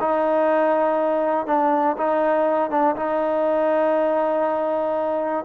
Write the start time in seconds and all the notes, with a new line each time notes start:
0.00 D#4
1.46 D4
1.97 D#4
2.70 D4
2.96 D#4